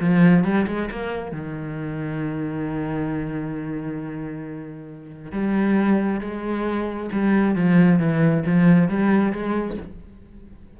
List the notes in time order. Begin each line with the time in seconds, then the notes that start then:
0.00 F3
0.44 G3
0.67 G#3
0.90 A#3
1.31 D#3
5.31 G3
6.20 G#3
7.12 G3
7.55 F3
7.99 E3
8.45 F3
8.88 G3
9.32 G#3